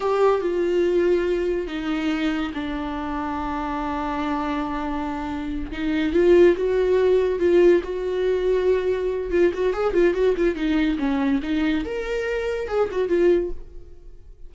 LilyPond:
\new Staff \with { instrumentName = "viola" } { \time 4/4 \tempo 4 = 142 g'4 f'2. | dis'2 d'2~ | d'1~ | d'4. dis'4 f'4 fis'8~ |
fis'4. f'4 fis'4.~ | fis'2 f'8 fis'8 gis'8 f'8 | fis'8 f'8 dis'4 cis'4 dis'4 | ais'2 gis'8 fis'8 f'4 | }